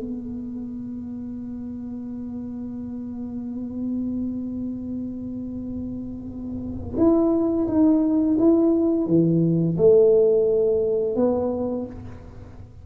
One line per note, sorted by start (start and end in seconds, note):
0.00 6.98 B3
6.98 7.67 E4
7.68 8.38 D#4
8.39 9.07 E4
9.07 9.77 E3
9.78 11.16 A3
11.16 11.86 B3